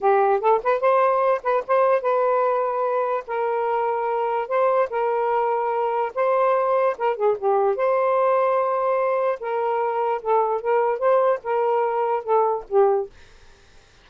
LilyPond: \new Staff \with { instrumentName = "saxophone" } { \time 4/4 \tempo 4 = 147 g'4 a'8 b'8 c''4. b'8 | c''4 b'2. | ais'2. c''4 | ais'2. c''4~ |
c''4 ais'8 gis'8 g'4 c''4~ | c''2. ais'4~ | ais'4 a'4 ais'4 c''4 | ais'2 a'4 g'4 | }